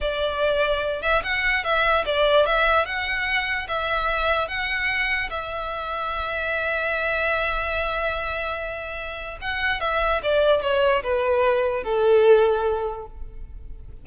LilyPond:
\new Staff \with { instrumentName = "violin" } { \time 4/4 \tempo 4 = 147 d''2~ d''8 e''8 fis''4 | e''4 d''4 e''4 fis''4~ | fis''4 e''2 fis''4~ | fis''4 e''2.~ |
e''1~ | e''2. fis''4 | e''4 d''4 cis''4 b'4~ | b'4 a'2. | }